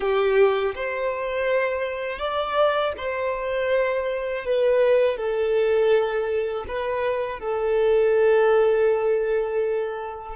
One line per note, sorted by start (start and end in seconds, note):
0.00 0.74 G4
0.74 2.19 C5
2.19 2.93 D5
2.97 4.45 C5
4.45 5.16 B4
5.16 6.65 A4
6.68 7.39 B4
7.39 10.35 A4